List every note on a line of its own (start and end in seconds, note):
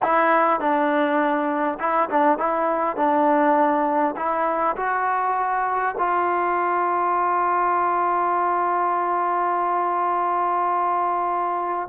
0.02 0.60 E4
0.60 1.78 D4
1.79 2.09 E4
2.10 2.38 D4
2.38 2.96 E4
2.96 4.15 D4
4.16 4.76 E4
4.76 5.95 F#4
5.98 11.88 F4